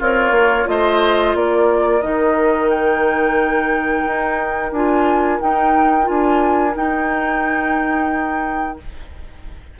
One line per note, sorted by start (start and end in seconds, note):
0.00 0.31 C4
0.00 0.67 F4
0.00 0.66 A#4
0.00 0.68 C#5
0.31 0.65 A#3
0.66 1.35 A3
0.66 2.01 F4
0.66 1.38 C5
0.66 1.36 D#5
1.35 2.02 A#3
1.35 8.80 A#4
1.35 2.02 D5
2.02 4.05 D#3
2.02 4.72 D#4
2.02 2.69 D#5
2.70 4.73 G5
4.06 4.72 D#4
4.72 5.39 D4
4.72 5.40 F4
4.72 5.40 G#5
5.40 6.03 D#4
5.40 6.09 D#4
5.40 6.08 G5
6.03 6.76 D4
6.03 6.71 F4
6.03 6.75 G#5
6.76 8.78 D#4
6.76 8.79 D#4
6.76 8.79 G5